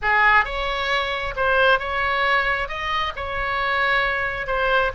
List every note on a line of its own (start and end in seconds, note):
0.02 0.45 G#4
0.45 1.34 C#5
1.36 1.79 C5
1.79 2.68 C#5
2.68 3.13 D#5
3.16 4.47 C#5
4.47 4.91 C5